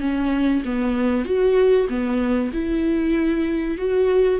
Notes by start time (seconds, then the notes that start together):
0.00 C#4
0.65 B3
1.25 F#4
1.89 B3
2.53 E4
3.78 F#4